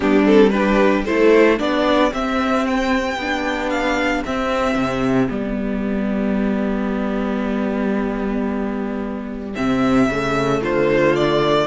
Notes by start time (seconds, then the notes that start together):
0.00 G3 B3 D4 G4
0.25 C4 A4
0.49 D4 G4 B4
1.05 A3 E4 A4 C5
1.57 B3 D4 G4 D5
2.11 C4 E5
2.66 G5
3.16 B3 D4
3.69 F5
4.24 C4 E5
4.75 C3
5.28 G3 B3 D5
9.55 C3 C4 E5
10.08 C#3 A3
10.61 D3 F4 C5
11.15 D5